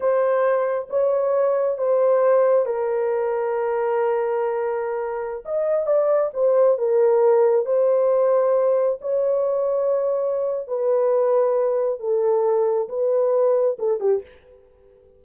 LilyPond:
\new Staff \with { instrumentName = "horn" } { \time 4/4 \tempo 4 = 135 c''2 cis''2 | c''2 ais'2~ | ais'1~ | ais'16 dis''4 d''4 c''4 ais'8.~ |
ais'4~ ais'16 c''2~ c''8.~ | c''16 cis''2.~ cis''8. | b'2. a'4~ | a'4 b'2 a'8 g'8 | }